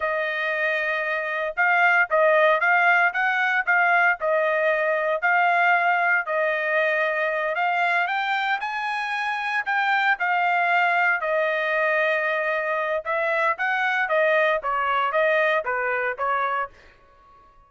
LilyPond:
\new Staff \with { instrumentName = "trumpet" } { \time 4/4 \tempo 4 = 115 dis''2. f''4 | dis''4 f''4 fis''4 f''4 | dis''2 f''2 | dis''2~ dis''8 f''4 g''8~ |
g''8 gis''2 g''4 f''8~ | f''4. dis''2~ dis''8~ | dis''4 e''4 fis''4 dis''4 | cis''4 dis''4 b'4 cis''4 | }